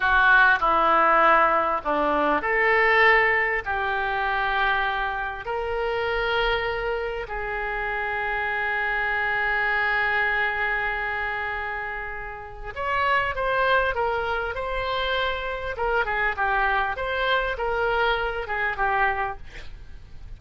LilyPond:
\new Staff \with { instrumentName = "oboe" } { \time 4/4 \tempo 4 = 99 fis'4 e'2 d'4 | a'2 g'2~ | g'4 ais'2. | gis'1~ |
gis'1~ | gis'4 cis''4 c''4 ais'4 | c''2 ais'8 gis'8 g'4 | c''4 ais'4. gis'8 g'4 | }